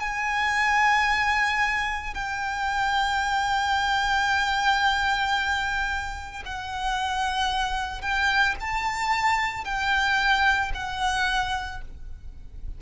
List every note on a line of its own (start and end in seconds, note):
0.00 2.14 G#5
2.14 6.43 G5
6.46 8.02 F#5
8.02 8.55 G5
8.61 9.65 A5
9.65 10.72 G5
10.74 11.81 F#5